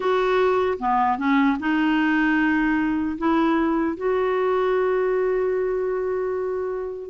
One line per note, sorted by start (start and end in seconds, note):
0.00 0.78 F#4
0.79 1.17 B3
1.17 1.57 C#4
1.59 3.17 D#4
3.18 3.97 E4
3.97 7.10 F#4